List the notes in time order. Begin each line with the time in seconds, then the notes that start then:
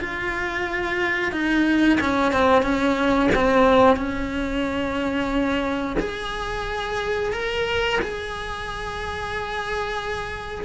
0.00 F4
1.32 D#4
2.00 C#4
2.32 C4
2.62 C#4
3.35 C4
3.96 C#4
5.99 G#4
7.33 A#4
8.02 G#4